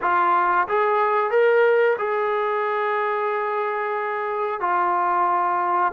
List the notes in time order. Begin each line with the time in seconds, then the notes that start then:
0.01 F4
0.67 G#4
1.30 A#4
1.98 G#4
4.60 F4